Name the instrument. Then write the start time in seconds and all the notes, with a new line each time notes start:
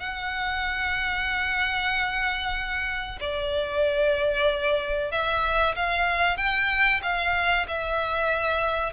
violin
0.00 F#5
3.21 D5
5.12 E5
5.76 F5
6.38 G5
7.03 F5
7.68 E5